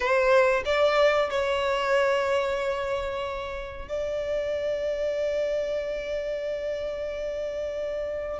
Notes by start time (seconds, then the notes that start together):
0.00 C5
0.65 D5
1.29 C#5
3.88 D5